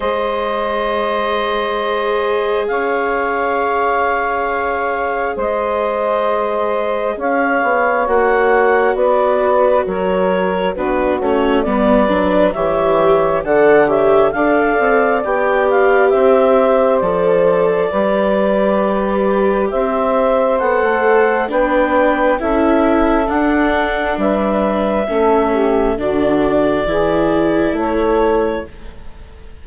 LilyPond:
<<
  \new Staff \with { instrumentName = "clarinet" } { \time 4/4 \tempo 4 = 67 dis''2. f''4~ | f''2 dis''2 | f''4 fis''4 d''4 cis''4 | b'8 cis''8 d''4 e''4 fis''8 e''8 |
f''4 g''8 f''8 e''4 d''4~ | d''2 e''4 fis''4 | g''4 e''4 fis''4 e''4~ | e''4 d''2 cis''4 | }
  \new Staff \with { instrumentName = "saxophone" } { \time 4/4 c''2. cis''4~ | cis''2 c''2 | cis''2 b'4 ais'4 | fis'4 b'4 cis''4 d''8 cis''8 |
d''2 c''2 | b'2 c''2 | b'4 a'2 b'4 | a'8 g'8 fis'4 gis'4 a'4 | }
  \new Staff \with { instrumentName = "viola" } { \time 4/4 gis'1~ | gis'1~ | gis'4 fis'2. | d'8 cis'8 b8 d'8 g'4 a'8 g'8 |
a'4 g'2 a'4 | g'2. a'4 | d'4 e'4 d'2 | cis'4 d'4 e'2 | }
  \new Staff \with { instrumentName = "bassoon" } { \time 4/4 gis2. cis'4~ | cis'2 gis2 | cis'8 b8 ais4 b4 fis4 | b8 a8 g8 fis8 e4 d4 |
d'8 c'8 b4 c'4 f4 | g2 c'4 b16 a8. | b4 cis'4 d'4 g4 | a4 d4 e4 a4 | }
>>